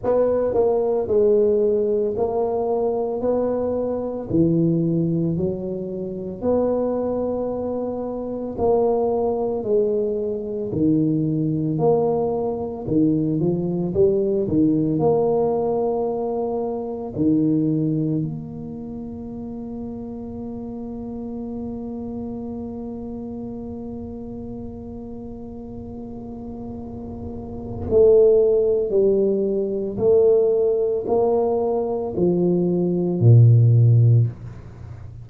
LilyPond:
\new Staff \with { instrumentName = "tuba" } { \time 4/4 \tempo 4 = 56 b8 ais8 gis4 ais4 b4 | e4 fis4 b2 | ais4 gis4 dis4 ais4 | dis8 f8 g8 dis8 ais2 |
dis4 ais2.~ | ais1~ | ais2 a4 g4 | a4 ais4 f4 ais,4 | }